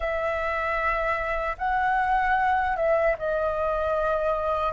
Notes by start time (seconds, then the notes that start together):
0.00 E5
1.58 F#5
2.76 E5
3.18 D#5